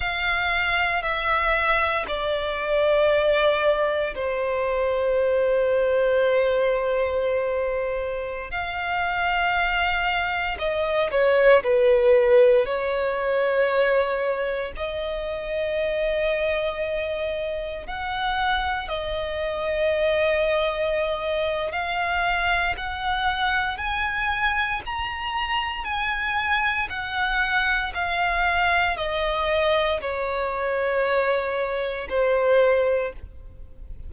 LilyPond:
\new Staff \with { instrumentName = "violin" } { \time 4/4 \tempo 4 = 58 f''4 e''4 d''2 | c''1~ | c''16 f''2 dis''8 cis''8 b'8.~ | b'16 cis''2 dis''4.~ dis''16~ |
dis''4~ dis''16 fis''4 dis''4.~ dis''16~ | dis''4 f''4 fis''4 gis''4 | ais''4 gis''4 fis''4 f''4 | dis''4 cis''2 c''4 | }